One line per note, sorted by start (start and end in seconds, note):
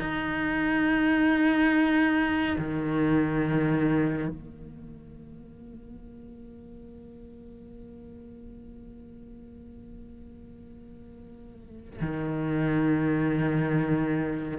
0.00 2.57 D#4
2.59 4.29 D#3
4.29 12.01 A#3
12.02 14.59 D#3